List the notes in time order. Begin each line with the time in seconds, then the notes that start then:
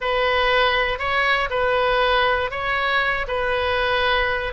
0.00 B4
0.98 C#5
1.50 B4
2.50 C#5
3.27 B4